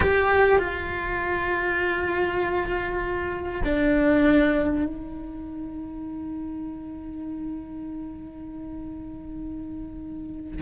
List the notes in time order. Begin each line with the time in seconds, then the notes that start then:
0.00 G4
0.58 F4
3.64 D4
4.85 D#4